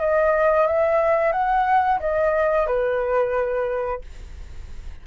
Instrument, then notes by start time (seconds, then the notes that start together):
flute
0.00 D#5
0.67 E5
1.32 F#5
1.99 D#5
2.67 B4